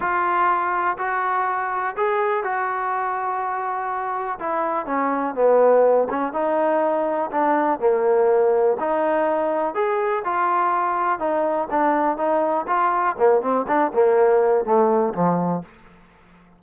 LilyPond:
\new Staff \with { instrumentName = "trombone" } { \time 4/4 \tempo 4 = 123 f'2 fis'2 | gis'4 fis'2.~ | fis'4 e'4 cis'4 b4~ | b8 cis'8 dis'2 d'4 |
ais2 dis'2 | gis'4 f'2 dis'4 | d'4 dis'4 f'4 ais8 c'8 | d'8 ais4. a4 f4 | }